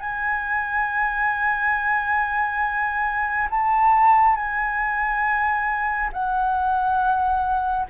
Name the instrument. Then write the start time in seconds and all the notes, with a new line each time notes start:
flute
0.00 G#5
3.50 A5
4.36 G#5
6.12 F#5